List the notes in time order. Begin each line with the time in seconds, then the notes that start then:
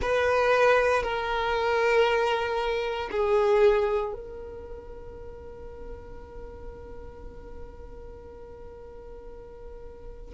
0.01 B4
1.03 A#4
3.11 G#4
4.13 A#4